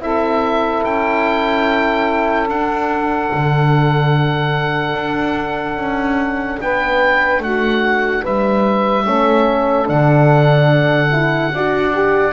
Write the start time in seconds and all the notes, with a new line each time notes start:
0.00 C4 E4 A4 E5
0.83 C#4 G5
2.46 D4 F#5
3.34 D3
4.94 D4
5.76 C#4
6.61 B3 B4 G5
7.39 A3 F#4 F#5
8.22 G3 B4 E5
9.05 A3 C#4 A4
9.85 D3 D4 F#5
11.12 E4
11.52 D4 F#4 D5
11.94 G4